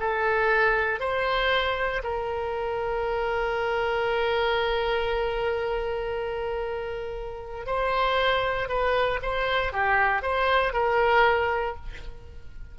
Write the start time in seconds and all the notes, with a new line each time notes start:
0.00 A4
1.00 C5
2.04 A#4
7.67 C5
8.69 B4
9.23 C5
9.73 G4
10.23 C5
10.73 A#4